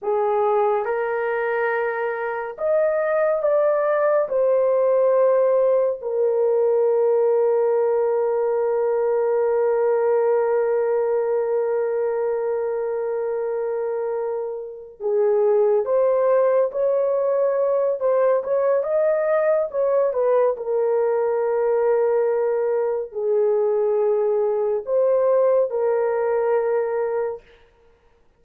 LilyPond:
\new Staff \with { instrumentName = "horn" } { \time 4/4 \tempo 4 = 70 gis'4 ais'2 dis''4 | d''4 c''2 ais'4~ | ais'1~ | ais'1~ |
ais'4. gis'4 c''4 cis''8~ | cis''4 c''8 cis''8 dis''4 cis''8 b'8 | ais'2. gis'4~ | gis'4 c''4 ais'2 | }